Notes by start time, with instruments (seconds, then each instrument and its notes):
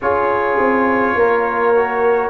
0.01 tuba C#4, trombone F4, horn G#4, trumpet C#5
0.58 tuba C4
1.14 tuba A#3, horn A#4
1.75 trombone F#4